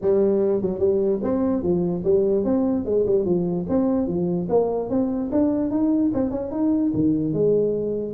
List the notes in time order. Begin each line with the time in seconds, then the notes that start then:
0.01 G3
0.61 F#3
0.79 G3
1.22 C4
1.62 F3
2.04 G3
2.44 C4
2.85 G#3
3.06 G3
3.25 F3
3.68 C4
4.07 F3
4.49 A#3
4.89 C4
5.31 D4
5.70 D#4
6.14 C4
6.30 C#4
6.51 D#4
6.94 D#3
7.33 G#3